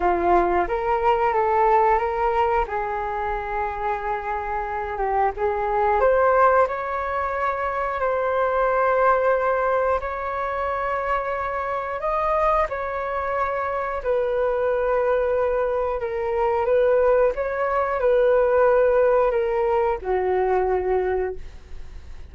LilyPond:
\new Staff \with { instrumentName = "flute" } { \time 4/4 \tempo 4 = 90 f'4 ais'4 a'4 ais'4 | gis'2.~ gis'8 g'8 | gis'4 c''4 cis''2 | c''2. cis''4~ |
cis''2 dis''4 cis''4~ | cis''4 b'2. | ais'4 b'4 cis''4 b'4~ | b'4 ais'4 fis'2 | }